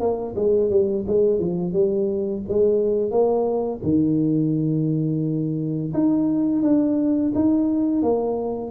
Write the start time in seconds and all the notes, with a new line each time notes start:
0.00 A#3
0.36 G#3
0.70 G3
1.07 G#3
1.39 F3
1.73 G3
2.48 G#3
3.11 A#3
3.83 D#3
5.93 D#4
6.62 D4
7.35 D#4
8.03 A#3